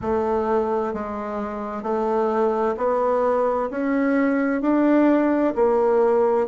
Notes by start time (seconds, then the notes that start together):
0.01 A3
0.93 G#3
1.82 A3
2.77 B3
3.70 C#4
4.62 D4
5.55 A#3